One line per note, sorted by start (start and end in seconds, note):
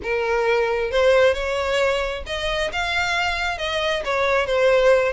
0.02 0.91 A#4
0.91 1.34 C5
1.34 2.23 C#5
2.26 2.71 D#5
2.72 3.58 F5
3.58 4.02 D#5
4.05 4.46 C#5
4.46 5.12 C5